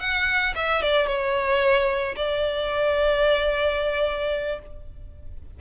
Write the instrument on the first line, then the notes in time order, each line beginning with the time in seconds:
violin
0.00 F#5
0.55 E5
0.82 D5
1.07 C#5
2.16 D5